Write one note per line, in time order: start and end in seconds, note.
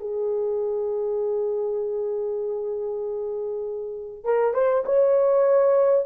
0.00 4.24 G#4
4.24 4.54 A#4
4.54 4.85 C5
4.86 6.06 C#5